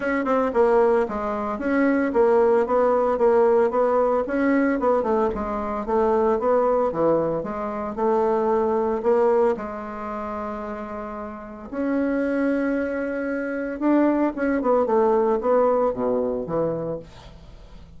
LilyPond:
\new Staff \with { instrumentName = "bassoon" } { \time 4/4 \tempo 4 = 113 cis'8 c'8 ais4 gis4 cis'4 | ais4 b4 ais4 b4 | cis'4 b8 a8 gis4 a4 | b4 e4 gis4 a4~ |
a4 ais4 gis2~ | gis2 cis'2~ | cis'2 d'4 cis'8 b8 | a4 b4 b,4 e4 | }